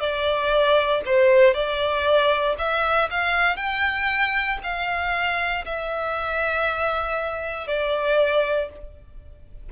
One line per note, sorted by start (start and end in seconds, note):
0.00 1.02 D5
1.05 1.54 C5
1.54 2.56 D5
2.58 3.09 E5
3.11 3.56 F5
3.56 4.58 G5
4.63 5.65 F5
5.65 7.67 E5
7.67 8.69 D5